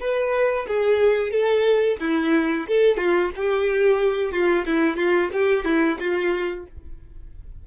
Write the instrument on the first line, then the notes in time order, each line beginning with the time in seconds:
violin
0.00 B4
0.68 G#4
1.31 A4
2.00 E4
2.68 A4
2.98 F4
3.36 G4
4.32 F4
4.66 E4
4.96 F4
5.33 G4
5.65 E4
5.99 F4